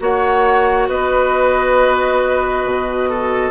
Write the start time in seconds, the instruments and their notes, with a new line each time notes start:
0.00 bassoon A#3, clarinet F#4, oboe C#5, flute F#5
0.89 bassoon B3, oboe B4, flute D#5
2.65 bassoon B2
3.10 oboe A4